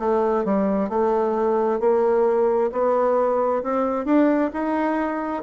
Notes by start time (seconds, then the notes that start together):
0.00 A3
0.45 G3
0.90 A3
1.81 A#3
2.72 B3
3.64 C4
4.05 D4
4.54 D#4